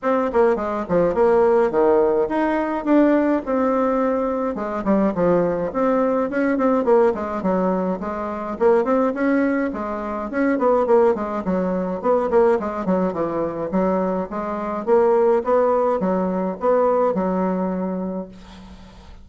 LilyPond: \new Staff \with { instrumentName = "bassoon" } { \time 4/4 \tempo 4 = 105 c'8 ais8 gis8 f8 ais4 dis4 | dis'4 d'4 c'2 | gis8 g8 f4 c'4 cis'8 c'8 | ais8 gis8 fis4 gis4 ais8 c'8 |
cis'4 gis4 cis'8 b8 ais8 gis8 | fis4 b8 ais8 gis8 fis8 e4 | fis4 gis4 ais4 b4 | fis4 b4 fis2 | }